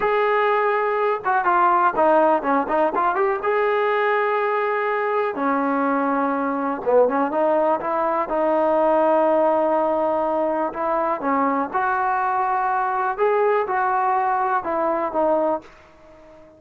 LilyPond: \new Staff \with { instrumentName = "trombone" } { \time 4/4 \tempo 4 = 123 gis'2~ gis'8 fis'8 f'4 | dis'4 cis'8 dis'8 f'8 g'8 gis'4~ | gis'2. cis'4~ | cis'2 b8 cis'8 dis'4 |
e'4 dis'2.~ | dis'2 e'4 cis'4 | fis'2. gis'4 | fis'2 e'4 dis'4 | }